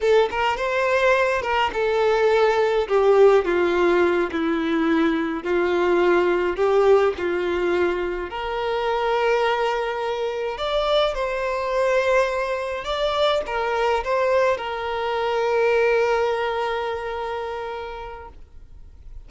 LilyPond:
\new Staff \with { instrumentName = "violin" } { \time 4/4 \tempo 4 = 105 a'8 ais'8 c''4. ais'8 a'4~ | a'4 g'4 f'4. e'8~ | e'4. f'2 g'8~ | g'8 f'2 ais'4.~ |
ais'2~ ais'8 d''4 c''8~ | c''2~ c''8 d''4 ais'8~ | ais'8 c''4 ais'2~ ais'8~ | ais'1 | }